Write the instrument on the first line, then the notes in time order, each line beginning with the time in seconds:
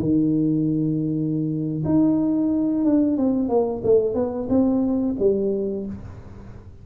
tuba
0.00 D#3
1.85 D#4
2.85 D4
3.18 C4
3.49 A#3
3.84 A3
4.15 B3
4.49 C4
5.19 G3